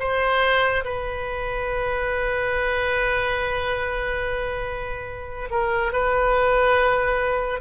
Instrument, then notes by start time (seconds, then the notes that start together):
oboe
0.00 C5
0.85 B4
5.51 A#4
5.93 B4